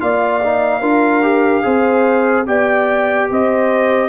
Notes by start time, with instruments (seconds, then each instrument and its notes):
0.00 tuba A#3, trombone F4, horn D5, trumpet F5
0.44 trombone D#4
0.80 tuba D4, trombone F4, horn A#4
1.22 trombone G4
1.63 tuba C4, trombone G#4, horn C5
2.46 tuba B3, trombone G4, horn D5, trumpet G5
3.30 tuba C4, horn C5, trumpet D#5